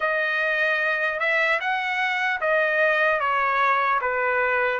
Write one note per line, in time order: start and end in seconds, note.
0.00 1.19 D#5
1.19 1.59 E5
1.60 2.40 F#5
2.40 3.20 D#5
3.20 4.00 C#5
4.01 4.80 B4